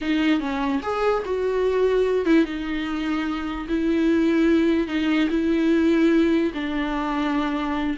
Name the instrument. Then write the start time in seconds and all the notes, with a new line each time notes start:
viola
0.01 D#4
0.40 C#4
0.82 G#4
1.25 F#4
2.25 E4
2.45 D#4
3.68 E4
4.87 D#4
5.29 E4
6.54 D4